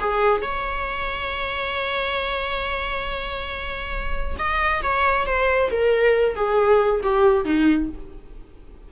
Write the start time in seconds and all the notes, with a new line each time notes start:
0.00 G#4
0.42 C#5
4.39 D#5
4.83 C#5
5.27 C5
5.71 A#4
6.36 G#4
7.03 G4
7.45 D#4